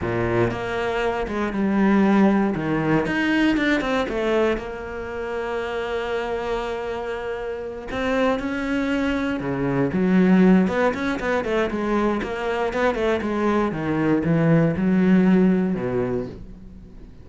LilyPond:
\new Staff \with { instrumentName = "cello" } { \time 4/4 \tempo 4 = 118 ais,4 ais4. gis8 g4~ | g4 dis4 dis'4 d'8 c'8 | a4 ais2.~ | ais2.~ ais8 c'8~ |
c'8 cis'2 cis4 fis8~ | fis4 b8 cis'8 b8 a8 gis4 | ais4 b8 a8 gis4 dis4 | e4 fis2 b,4 | }